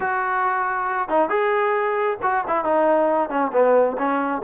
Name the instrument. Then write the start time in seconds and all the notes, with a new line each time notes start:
trombone
0.00 F#4
1.08 D#4
1.29 G#4
2.22 F#4
2.47 E4
2.64 D#4
3.29 C#4
3.52 B3
3.97 C#4